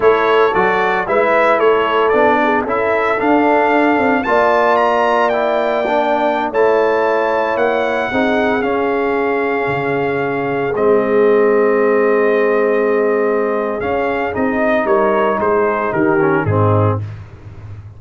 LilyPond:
<<
  \new Staff \with { instrumentName = "trumpet" } { \time 4/4 \tempo 4 = 113 cis''4 d''4 e''4 cis''4 | d''4 e''4 f''2 | a''4 ais''4 g''2~ | g''16 a''2 fis''4.~ fis''16~ |
fis''16 f''2.~ f''8.~ | f''16 dis''2.~ dis''8.~ | dis''2 f''4 dis''4 | cis''4 c''4 ais'4 gis'4 | }
  \new Staff \with { instrumentName = "horn" } { \time 4/4 a'2 b'4 a'4~ | a'8 gis'8 a'2. | d''1~ | d''16 cis''2. gis'8.~ |
gis'1~ | gis'1~ | gis'1 | ais'4 gis'4 g'4 dis'4 | }
  \new Staff \with { instrumentName = "trombone" } { \time 4/4 e'4 fis'4 e'2 | d'4 e'4 d'2 | f'2 e'4 d'4~ | d'16 e'2. dis'8.~ |
dis'16 cis'2.~ cis'8.~ | cis'16 c'2.~ c'8.~ | c'2 cis'4 dis'4~ | dis'2~ dis'8 cis'8 c'4 | }
  \new Staff \with { instrumentName = "tuba" } { \time 4/4 a4 fis4 gis4 a4 | b4 cis'4 d'4. c'8 | ais1~ | ais16 a2 ais4 c'8.~ |
c'16 cis'2 cis4.~ cis16~ | cis16 gis2.~ gis8.~ | gis2 cis'4 c'4 | g4 gis4 dis4 gis,4 | }
>>